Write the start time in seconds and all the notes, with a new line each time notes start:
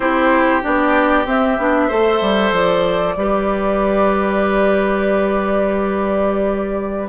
0.00 C4 E4 G4 C5
0.62 B3 D4 D5
1.26 C4 E5
1.58 B3 D4
1.87 A3 A4 C5
2.21 G3
2.51 F3 D5
3.16 G3 G4 B4